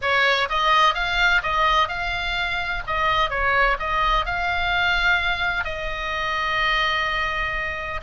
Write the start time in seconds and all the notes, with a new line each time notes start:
0.01 C#5
0.49 D#5
0.94 F5
1.42 D#5
1.88 F5
2.86 D#5
3.29 C#5
3.79 D#5
4.25 F5
5.64 D#5